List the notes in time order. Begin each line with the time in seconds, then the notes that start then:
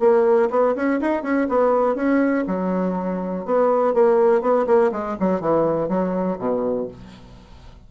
0.00 A#3
0.51 B3
0.76 C#4
1.01 D#4
1.23 C#4
1.49 B3
1.96 C#4
2.47 F#3
3.46 B3
3.94 A#3
4.42 B3
4.67 A#3
4.92 G#3
5.20 F#3
5.41 E3
5.89 F#3
6.39 B2